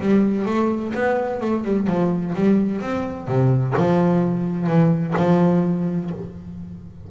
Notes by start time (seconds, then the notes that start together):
0.00 G3
0.46 A3
0.94 B3
1.41 A3
1.64 G3
1.87 F3
2.35 G3
2.81 C4
3.27 C3
3.77 F3
4.67 E3
5.17 F3